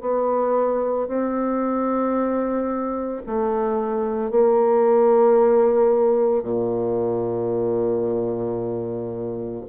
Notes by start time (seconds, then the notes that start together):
0.00 B3
1.07 C4
3.26 A3
4.30 A#3
6.42 A#2